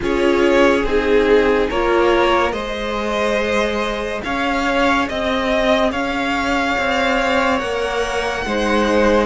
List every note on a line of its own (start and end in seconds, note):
0.00 0.84 C#4
0.00 0.81 F4
0.00 1.70 G#4
0.00 0.85 C#5
0.84 1.68 C4
0.84 1.72 D#4
0.84 1.69 G#4
1.70 2.51 A#3
1.70 2.51 F4
1.70 2.53 A#4
1.70 2.52 C#5
2.51 4.20 G#3
2.51 7.58 G#4
2.51 4.22 C5
2.51 4.21 D#5
4.23 5.09 C#4
4.23 5.09 C#5
4.23 5.08 F5
5.08 5.92 C4
5.08 5.92 D#5
5.08 5.90 D#5
5.90 6.76 C#4
5.90 8.44 C#5
5.90 7.58 F5
6.77 7.61 C4
7.58 8.45 A#3
7.58 8.42 A#4
7.58 9.26 F#5
8.45 9.26 G#3
8.45 9.26 D#4
8.45 9.26 C5